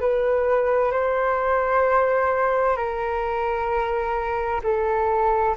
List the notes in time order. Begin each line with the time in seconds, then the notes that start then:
0.00 B4
0.92 C5
2.77 A#4
4.63 A4